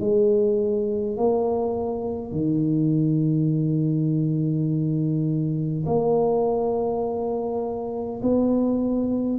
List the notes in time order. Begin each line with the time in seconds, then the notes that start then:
0.00 G#3
1.17 A#3
2.32 D#3
5.86 A#3
8.22 B3